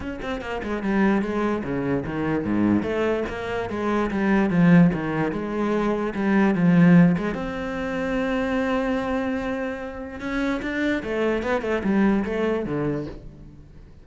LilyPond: \new Staff \with { instrumentName = "cello" } { \time 4/4 \tempo 4 = 147 cis'8 c'8 ais8 gis8 g4 gis4 | cis4 dis4 gis,4 a4 | ais4 gis4 g4 f4 | dis4 gis2 g4 |
f4. gis8 c'2~ | c'1~ | c'4 cis'4 d'4 a4 | b8 a8 g4 a4 d4 | }